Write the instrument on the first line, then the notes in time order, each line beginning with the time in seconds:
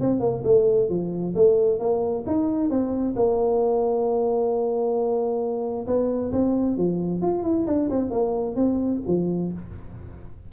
tuba
0.00 C4
0.20 A#3
0.44 A3
0.89 F3
1.35 A3
1.79 A#3
2.26 D#4
2.70 C4
3.16 A#3
5.86 B3
6.32 C4
6.77 F3
7.21 F4
7.43 E4
7.67 D4
7.90 C4
8.10 A#3
8.55 C4
9.07 F3